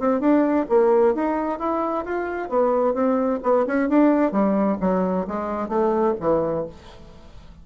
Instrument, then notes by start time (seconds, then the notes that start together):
bassoon
0.00 C4
0.21 D4
0.69 A#3
1.15 D#4
1.59 E4
2.05 F4
2.50 B3
2.94 C4
3.43 B3
3.67 C#4
3.90 D4
4.32 G3
4.81 F#3
5.28 G#3
5.69 A3
6.21 E3